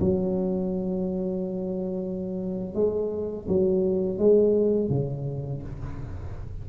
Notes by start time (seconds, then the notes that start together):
0.00 F#3
2.74 G#3
3.48 F#3
4.18 G#3
4.90 C#3